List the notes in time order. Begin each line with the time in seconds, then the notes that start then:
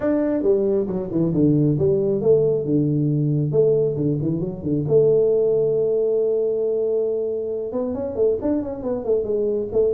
0.00 D4
0.43 G3
0.87 F#3
1.11 E3
1.33 D3
1.78 G3
2.21 A3
2.65 D3
3.51 A3
3.96 D3
4.21 E3
4.40 F#3
4.62 D3
4.87 A3
7.72 B3
7.94 C#4
8.15 A3
8.41 D4
8.62 C#4
8.82 B3
9.05 A3
9.24 G#3
9.72 A3